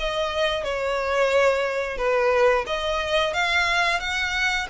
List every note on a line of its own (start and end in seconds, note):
0.00 0.64 D#5
0.64 1.98 C#5
1.98 2.65 B4
2.67 3.34 D#5
3.34 4.00 F5
4.00 4.68 F#5